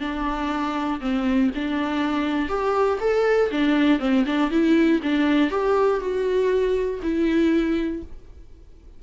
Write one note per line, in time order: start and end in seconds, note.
0.00 1.00 D4
1.00 1.50 C4
1.55 2.49 D4
2.49 2.99 G4
3.00 3.50 A4
3.51 3.99 D4
3.99 4.24 C4
4.25 4.50 D4
4.50 5.00 E4
5.02 5.50 D4
5.50 6.00 G4
6.00 7.00 F#4
7.02 8.03 E4